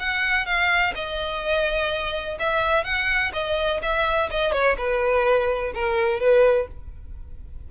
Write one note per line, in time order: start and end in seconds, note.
0.00 0.46 F#5
0.46 0.94 F5
0.96 2.39 D#5
2.40 2.85 E5
2.85 3.32 F#5
3.33 3.81 D#5
3.83 4.30 E5
4.31 4.53 D#5
4.53 4.77 C#5
4.78 5.73 B4
5.75 6.20 A#4
6.20 6.68 B4